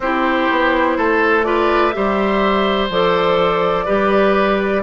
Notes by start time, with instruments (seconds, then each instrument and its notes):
0.00 bassoon C4, clarinet E4, oboe G4, flute C5
0.50 bassoon B3
0.97 bassoon A3, oboe A4
1.44 clarinet F4, oboe B4, flute D5
1.91 bassoon G3, clarinet G4, oboe C5, flute E5
2.89 bassoon F3, clarinet A4, flute D5
3.85 bassoon G3, clarinet G4, oboe B4